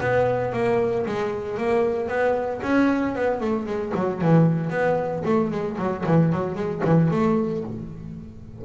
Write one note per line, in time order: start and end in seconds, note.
0.00 0.52 B3
0.52 1.05 A#3
1.06 1.57 G#3
1.57 2.08 A#3
2.08 2.60 B3
2.62 3.15 C#4
3.15 3.40 B3
3.40 3.66 A3
3.66 3.92 G#3
3.94 4.21 F#3
4.21 4.70 E3
4.70 5.22 B3
5.25 5.50 A3
5.50 5.77 G#3
5.78 6.04 F#3
6.06 6.32 E3
6.32 6.55 F#3
6.55 6.81 G#3
6.84 7.11 E3
7.11 7.63 A3